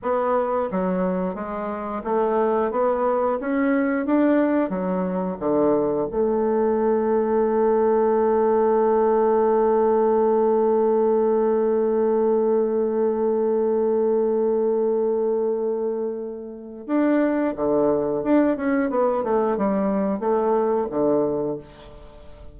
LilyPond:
\new Staff \with { instrumentName = "bassoon" } { \time 4/4 \tempo 4 = 89 b4 fis4 gis4 a4 | b4 cis'4 d'4 fis4 | d4 a2.~ | a1~ |
a1~ | a1~ | a4 d'4 d4 d'8 cis'8 | b8 a8 g4 a4 d4 | }